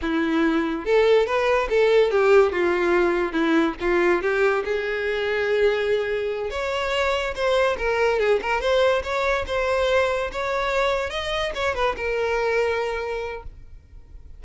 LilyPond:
\new Staff \with { instrumentName = "violin" } { \time 4/4 \tempo 4 = 143 e'2 a'4 b'4 | a'4 g'4 f'2 | e'4 f'4 g'4 gis'4~ | gis'2.~ gis'8 cis''8~ |
cis''4. c''4 ais'4 gis'8 | ais'8 c''4 cis''4 c''4.~ | c''8 cis''2 dis''4 cis''8 | b'8 ais'2.~ ais'8 | }